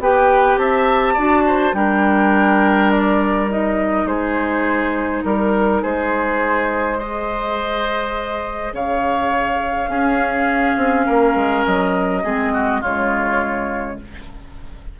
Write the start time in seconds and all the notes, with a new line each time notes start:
0.00 B3 G4 B4 G5
0.57 C4 E5 A5
1.13 D4 F#4 D5
1.46 C5
1.73 G3 D4 A#4 G5
2.91 D5
3.49 D#4 D#5
4.05 G#3 G#4 C5
5.24 G3 A#4
5.82 G#3 G#4 C5
6.98 G#4 C5 D#5
8.73 C#3 C#5 F5
9.87 C#4 G#4
10.77 C4
11.06 A#3 A#4
11.35 G#3
11.66 F#3 D#5
12.23 G#3 C4 G#4
12.53 F#4
12.81 C#3 G#3 F4 C#5